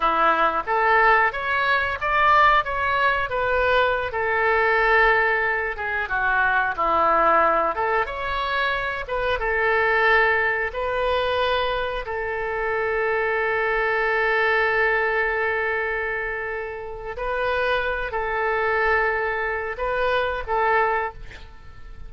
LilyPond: \new Staff \with { instrumentName = "oboe" } { \time 4/4 \tempo 4 = 91 e'4 a'4 cis''4 d''4 | cis''4 b'4~ b'16 a'4.~ a'16~ | a'8. gis'8 fis'4 e'4. a'16~ | a'16 cis''4. b'8 a'4.~ a'16~ |
a'16 b'2 a'4.~ a'16~ | a'1~ | a'2 b'4. a'8~ | a'2 b'4 a'4 | }